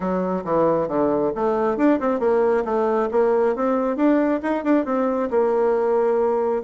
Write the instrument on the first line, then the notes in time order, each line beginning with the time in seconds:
bassoon
0.00 F#3
0.44 E3
0.88 D3
1.35 A3
1.77 D4
2.00 C4
2.19 A#3
2.65 A3
3.11 A#3
3.55 C4
3.96 D4
4.42 D#4
4.63 D4
4.85 C4
5.30 A#3